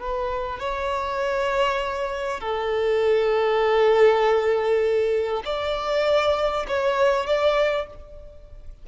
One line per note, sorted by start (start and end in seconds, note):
0.00 0.60 B4
0.60 2.40 C#5
2.40 5.44 A4
5.46 6.67 D5
6.68 7.27 C#5
7.27 7.87 D5